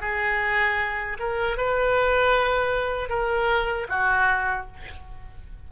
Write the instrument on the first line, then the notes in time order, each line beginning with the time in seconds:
oboe
0.00 G#4
1.19 A#4
1.57 B4
3.09 A#4
3.89 F#4